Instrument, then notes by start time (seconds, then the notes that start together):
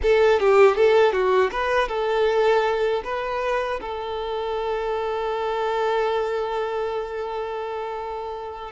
violin
0.02 A4
0.39 G4
0.76 A4
1.12 F#4
1.51 B4
1.88 A4
3.03 B4
3.80 A4